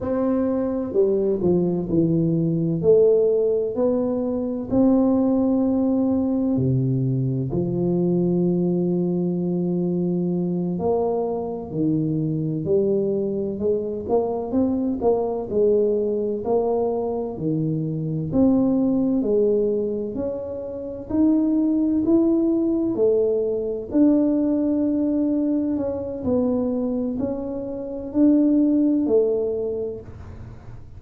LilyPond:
\new Staff \with { instrumentName = "tuba" } { \time 4/4 \tempo 4 = 64 c'4 g8 f8 e4 a4 | b4 c'2 c4 | f2.~ f8 ais8~ | ais8 dis4 g4 gis8 ais8 c'8 |
ais8 gis4 ais4 dis4 c'8~ | c'8 gis4 cis'4 dis'4 e'8~ | e'8 a4 d'2 cis'8 | b4 cis'4 d'4 a4 | }